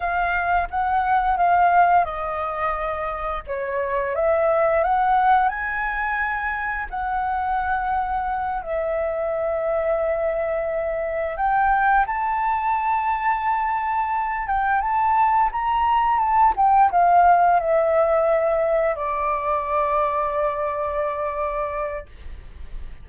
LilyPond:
\new Staff \with { instrumentName = "flute" } { \time 4/4 \tempo 4 = 87 f''4 fis''4 f''4 dis''4~ | dis''4 cis''4 e''4 fis''4 | gis''2 fis''2~ | fis''8 e''2.~ e''8~ |
e''8 g''4 a''2~ a''8~ | a''4 g''8 a''4 ais''4 a''8 | g''8 f''4 e''2 d''8~ | d''1 | }